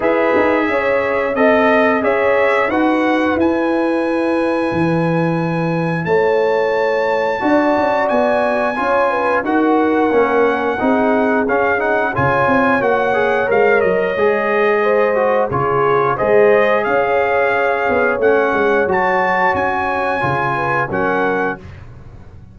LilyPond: <<
  \new Staff \with { instrumentName = "trumpet" } { \time 4/4 \tempo 4 = 89 e''2 dis''4 e''4 | fis''4 gis''2.~ | gis''4 a''2. | gis''2 fis''2~ |
fis''4 f''8 fis''8 gis''4 fis''4 | f''8 dis''2~ dis''8 cis''4 | dis''4 f''2 fis''4 | a''4 gis''2 fis''4 | }
  \new Staff \with { instrumentName = "horn" } { \time 4/4 b'4 cis''4 dis''4 cis''4 | b'1~ | b'4 cis''2 d''4~ | d''4 cis''8 b'8 ais'2 |
gis'2 cis''2~ | cis''2 c''4 gis'4 | c''4 cis''2.~ | cis''2~ cis''8 b'8 ais'4 | }
  \new Staff \with { instrumentName = "trombone" } { \time 4/4 gis'2 a'4 gis'4 | fis'4 e'2.~ | e'2. fis'4~ | fis'4 f'4 fis'4 cis'4 |
dis'4 cis'8 dis'8 f'4 fis'8 gis'8 | ais'4 gis'4. fis'8 f'4 | gis'2. cis'4 | fis'2 f'4 cis'4 | }
  \new Staff \with { instrumentName = "tuba" } { \time 4/4 e'8 dis'8 cis'4 c'4 cis'4 | dis'4 e'2 e4~ | e4 a2 d'8 cis'8 | b4 cis'4 dis'4 ais4 |
c'4 cis'4 cis8 c'8 ais4 | gis8 fis8 gis2 cis4 | gis4 cis'4. b8 a8 gis8 | fis4 cis'4 cis4 fis4 | }
>>